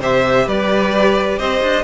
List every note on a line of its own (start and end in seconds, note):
0.00 0.46 C3
0.00 1.84 G4
0.00 0.45 C5
0.00 0.48 E5
0.45 1.38 G3
0.45 1.37 B4
0.45 1.39 D5
1.37 1.61 C4
1.37 1.84 C5
1.37 1.84 D#5
1.62 1.84 D4